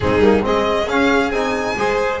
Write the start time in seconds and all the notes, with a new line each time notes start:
0.00 G#3 C4 D#4 G#4
0.18 G3 A#3
0.41 G#3 C4 G#4 D#5
0.86 C#4 F5
1.30 C4 D#4 G#5
1.76 G#3 G#4 C5